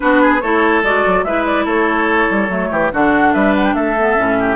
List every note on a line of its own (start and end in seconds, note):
0.00 0.42 B3
0.00 0.40 D4
0.00 0.22 F#4
0.00 0.40 B4
0.22 0.42 G#4
0.40 0.83 A3
0.40 0.84 E4
0.40 1.25 A4
0.40 0.82 C#5
0.83 1.04 G#3
0.83 1.25 F#4
0.83 1.24 D5
1.06 1.24 F#3
1.24 1.65 G#3
1.24 2.49 E4
1.24 1.64 B4
1.24 1.45 E5
1.45 1.66 D5
1.64 2.28 A3
1.64 2.69 A4
1.64 2.92 C#5
2.30 2.48 G3
2.48 2.69 F#3
2.48 2.91 A3
2.70 2.91 E3
2.70 2.92 G4
2.92 3.35 D3
2.92 3.97 D4
2.92 3.33 F#4
2.92 3.33 F#5
3.33 3.74 G3
3.33 3.75 B4
3.33 3.54 E5
3.55 3.64 F#5
3.64 3.74 G5
3.74 4.15 A3
3.74 4.37 A4
3.74 4.55 E5
3.98 4.16 B3
4.16 4.55 A2
4.16 4.55 C#4
4.39 4.55 G4